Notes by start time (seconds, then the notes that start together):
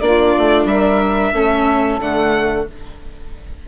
0.00 A#3 D4 F4 D5
0.38 A3
0.64 G3 A#4 E5
1.33 A3 C#4 A4
1.99 D3 A3 F#5